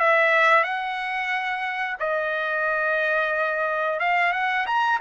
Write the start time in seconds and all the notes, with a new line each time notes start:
0.00 E5
0.64 F#5
2.00 D#5
4.00 F5
4.33 F#5
4.67 A#5